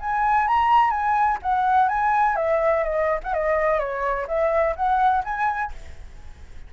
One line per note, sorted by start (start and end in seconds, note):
0.00 0.48 G#5
0.48 0.90 A#5
0.90 1.38 G#5
1.42 1.88 F#5
1.88 2.36 G#5
2.36 2.84 E5
2.84 3.19 D#5
3.24 3.33 F#5
3.33 3.79 D#5
3.79 4.27 C#5
4.28 4.75 E5
4.76 5.24 F#5
5.24 5.72 G#5